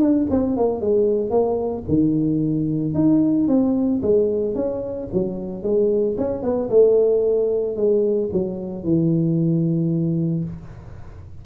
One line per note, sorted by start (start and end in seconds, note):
0.00 0.27 D4
0.30 0.57 C4
0.57 0.81 A#3
0.81 1.31 G#3
1.31 1.84 A#3
1.89 2.95 D#3
2.95 3.48 D#4
3.48 4.02 C4
4.03 4.55 G#3
4.55 5.09 C#4
5.13 5.63 F#3
5.63 6.17 G#3
6.18 6.43 C#4
6.43 6.70 B3
6.70 7.77 A3
7.77 8.30 G#3
8.33 8.84 F#3
8.84 10.45 E3